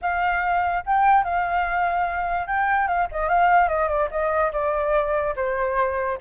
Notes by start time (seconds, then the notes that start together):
0.01 F5
0.85 G5
1.24 F5
2.47 G5
2.87 F5
3.11 D#5
3.29 F5
3.68 D#5
3.88 D5
4.10 D#5
4.52 D5
5.36 C5